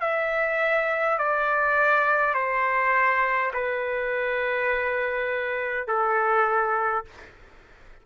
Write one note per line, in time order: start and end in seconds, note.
0.00 1.18 E5
1.18 2.34 D5
2.34 3.52 C5
3.53 5.87 B4
5.87 7.05 A4